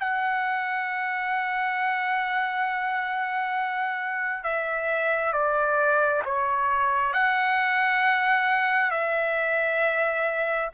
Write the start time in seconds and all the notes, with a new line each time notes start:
0.00 F#5
4.44 E5
5.33 D5
6.25 C#5
7.14 F#5
8.91 E5